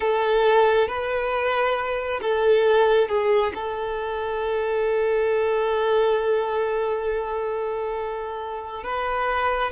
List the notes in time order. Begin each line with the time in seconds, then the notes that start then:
0.00 A4
0.87 B4
2.21 A4
3.08 G#4
3.54 A4
8.83 B4